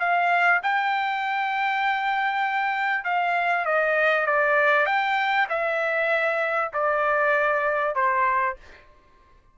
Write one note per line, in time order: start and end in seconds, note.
0.00 0.61 F5
0.63 3.05 G5
3.05 3.65 F5
3.65 4.27 D#5
4.27 4.86 D5
4.86 5.48 G5
5.50 6.72 E5
6.74 7.96 D5
7.96 8.57 C5